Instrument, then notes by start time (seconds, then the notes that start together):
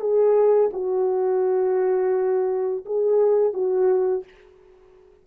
horn
0.00 G#4
0.73 F#4
2.85 G#4
3.54 F#4